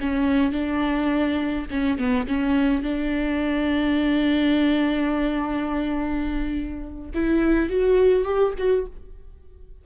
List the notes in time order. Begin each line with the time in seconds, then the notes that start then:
0.00 C#4
0.52 D4
1.70 C#4
1.98 B3
2.27 C#4
2.82 D4
7.14 E4
7.69 F#4
8.24 G4
8.58 F#4